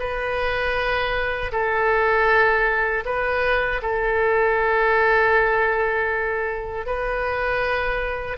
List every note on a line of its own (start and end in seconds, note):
0.00 1.52 B4
1.53 3.04 A4
3.06 3.81 B4
3.83 6.86 A4
6.87 8.38 B4